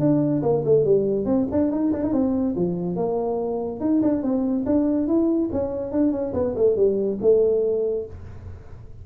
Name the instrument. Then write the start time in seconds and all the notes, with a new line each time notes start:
tuba
0.00 D4
0.43 A#3
0.65 A3
0.85 G3
1.25 C4
1.52 D4
1.71 D#4
1.93 D4
2.03 D#4
2.13 C4
2.56 F3
2.96 A#3
3.80 D#4
4.02 D4
4.23 C4
4.66 D4
5.07 E4
5.52 C#4
5.92 D4
6.12 C#4
6.33 B3
6.56 A3
6.76 G3
7.22 A3